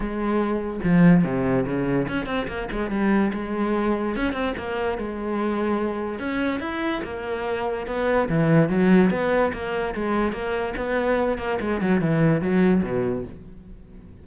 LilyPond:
\new Staff \with { instrumentName = "cello" } { \time 4/4 \tempo 4 = 145 gis2 f4 c4 | cis4 cis'8 c'8 ais8 gis8 g4 | gis2 cis'8 c'8 ais4 | gis2. cis'4 |
e'4 ais2 b4 | e4 fis4 b4 ais4 | gis4 ais4 b4. ais8 | gis8 fis8 e4 fis4 b,4 | }